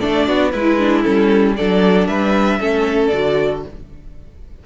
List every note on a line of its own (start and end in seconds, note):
0.00 0.27 A3
0.00 0.52 D4
0.00 0.26 A4
0.00 0.50 D5
0.26 0.53 B3
0.26 0.51 F#4
0.50 1.05 G#3
0.50 1.55 E4
0.50 0.79 E4
0.50 1.02 B4
0.79 1.03 D4
1.03 1.59 G3
1.03 1.55 C#4
1.03 1.55 A4
1.56 2.07 F#3
1.56 2.60 D4
1.56 2.08 A4
1.56 2.07 D5
2.07 2.59 G3
2.07 2.60 B4
2.07 3.07 E5
2.60 3.12 A3
2.60 3.12 C#4
2.60 3.63 A4
3.07 3.64 D3
3.07 3.59 D5
3.13 3.65 F#4